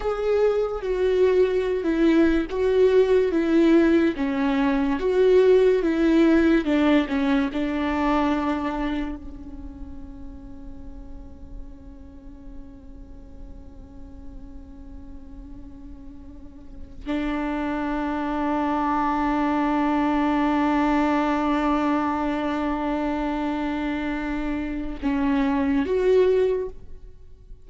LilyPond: \new Staff \with { instrumentName = "viola" } { \time 4/4 \tempo 4 = 72 gis'4 fis'4~ fis'16 e'8. fis'4 | e'4 cis'4 fis'4 e'4 | d'8 cis'8 d'2 cis'4~ | cis'1~ |
cis'1~ | cis'8 d'2.~ d'8~ | d'1~ | d'2 cis'4 fis'4 | }